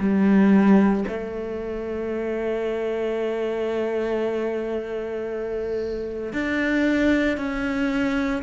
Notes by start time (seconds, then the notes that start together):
0.00 G3
1.09 A3
6.33 D4
7.38 C#4